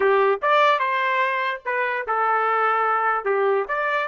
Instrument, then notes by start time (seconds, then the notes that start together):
trumpet
0.00 G4
0.42 D5
0.79 C5
1.65 B4
2.07 A4
3.24 G4
3.68 D5